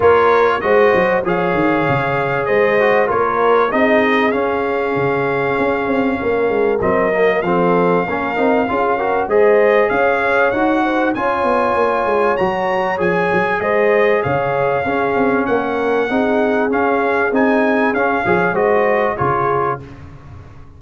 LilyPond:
<<
  \new Staff \with { instrumentName = "trumpet" } { \time 4/4 \tempo 4 = 97 cis''4 dis''4 f''2 | dis''4 cis''4 dis''4 f''4~ | f''2. dis''4 | f''2. dis''4 |
f''4 fis''4 gis''2 | ais''4 gis''4 dis''4 f''4~ | f''4 fis''2 f''4 | gis''4 f''4 dis''4 cis''4 | }
  \new Staff \with { instrumentName = "horn" } { \time 4/4 ais'4 c''4 cis''2 | c''4 ais'4 gis'2~ | gis'2 ais'2 | a'4 ais'4 gis'8 ais'8 c''4 |
cis''4. c''8 cis''2~ | cis''2 c''4 cis''4 | gis'4 ais'4 gis'2~ | gis'4. cis''8 c''4 gis'4 | }
  \new Staff \with { instrumentName = "trombone" } { \time 4/4 f'4 fis'4 gis'2~ | gis'8 fis'8 f'4 dis'4 cis'4~ | cis'2. c'8 ais8 | c'4 cis'8 dis'8 f'8 fis'8 gis'4~ |
gis'4 fis'4 f'2 | fis'4 gis'2. | cis'2 dis'4 cis'4 | dis'4 cis'8 gis'8 fis'4 f'4 | }
  \new Staff \with { instrumentName = "tuba" } { \time 4/4 ais4 gis8 fis8 f8 dis8 cis4 | gis4 ais4 c'4 cis'4 | cis4 cis'8 c'8 ais8 gis8 fis4 | f4 ais8 c'8 cis'4 gis4 |
cis'4 dis'4 cis'8 b8 ais8 gis8 | fis4 f8 fis8 gis4 cis4 | cis'8 c'8 ais4 c'4 cis'4 | c'4 cis'8 f8 gis4 cis4 | }
>>